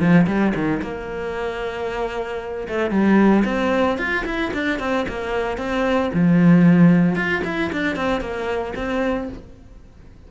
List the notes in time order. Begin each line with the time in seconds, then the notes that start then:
0.00 F3
0.27 G3
0.55 D#3
0.82 A#3
2.68 A3
2.91 G3
3.45 C4
3.98 F4
4.25 E4
4.53 D4
4.79 C4
5.08 A#3
5.58 C4
6.14 F3
7.16 F4
7.45 E4
7.72 D4
7.96 C4
8.21 A#3
8.75 C4